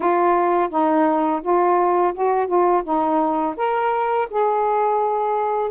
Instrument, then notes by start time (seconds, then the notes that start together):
saxophone
0.00 F4
0.70 D#4
1.42 F4
2.14 F#4
2.47 F4
2.84 D#4
3.56 A#4
4.30 G#4